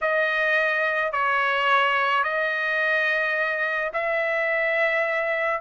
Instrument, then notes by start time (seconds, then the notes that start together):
trumpet
0.01 D#5
1.12 C#5
2.23 D#5
3.93 E5